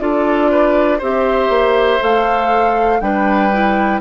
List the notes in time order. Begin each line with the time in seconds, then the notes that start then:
0.00 D4 F4 A4 D5
0.52 B4
0.99 C4 G4 C5 E5
1.50 A#3
2.00 A3 A4 F5
3.01 G3 D4 B4 G5
3.53 E4